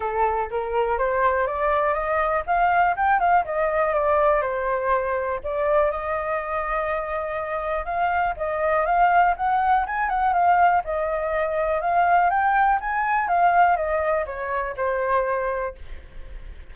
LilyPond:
\new Staff \with { instrumentName = "flute" } { \time 4/4 \tempo 4 = 122 a'4 ais'4 c''4 d''4 | dis''4 f''4 g''8 f''8 dis''4 | d''4 c''2 d''4 | dis''1 |
f''4 dis''4 f''4 fis''4 | gis''8 fis''8 f''4 dis''2 | f''4 g''4 gis''4 f''4 | dis''4 cis''4 c''2 | }